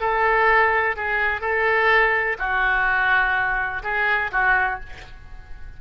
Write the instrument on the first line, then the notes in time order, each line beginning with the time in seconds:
oboe
0.00 A4
0.96 G#4
1.41 A4
2.38 F#4
3.83 G#4
4.32 F#4